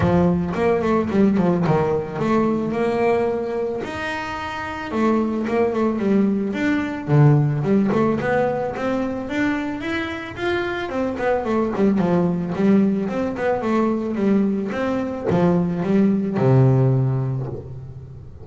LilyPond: \new Staff \with { instrumentName = "double bass" } { \time 4/4 \tempo 4 = 110 f4 ais8 a8 g8 f8 dis4 | a4 ais2 dis'4~ | dis'4 a4 ais8 a8 g4 | d'4 d4 g8 a8 b4 |
c'4 d'4 e'4 f'4 | c'8 b8 a8 g8 f4 g4 | c'8 b8 a4 g4 c'4 | f4 g4 c2 | }